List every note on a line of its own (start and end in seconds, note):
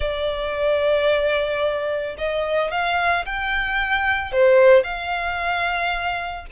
0.00 2.16 D5
2.17 2.71 D#5
2.71 3.25 F5
3.25 4.32 G5
4.32 4.83 C5
4.83 6.45 F5